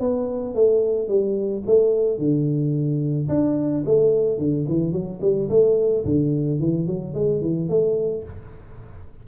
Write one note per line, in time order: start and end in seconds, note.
0.00 0.55 B3
0.55 1.08 A3
1.08 1.63 G3
1.66 2.18 A3
2.18 3.28 D3
3.29 3.84 D4
3.86 4.38 A3
4.38 4.66 D3
4.68 4.92 E3
4.92 5.20 F#3
5.21 5.49 G3
5.50 6.05 A3
6.05 6.60 D3
6.60 6.87 E3
6.87 7.14 F#3
7.14 7.42 G#3
7.42 7.69 E3
7.69 8.24 A3